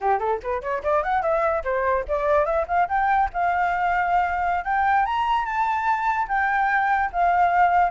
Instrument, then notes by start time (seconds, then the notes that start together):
flute
0.00 G4
0.19 A4
0.42 B4
0.61 C#5
0.83 D5
1.03 F#5
1.22 E5
1.64 C5
2.08 D5
2.45 E5
2.67 F5
2.88 G5
3.33 F5
4.64 G5
5.05 A#5
5.45 A5
6.28 G5
7.12 F5